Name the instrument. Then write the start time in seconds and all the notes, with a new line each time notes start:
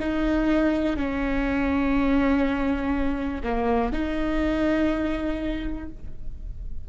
viola
0.00 D#4
0.97 C#4
3.43 A#3
3.93 D#4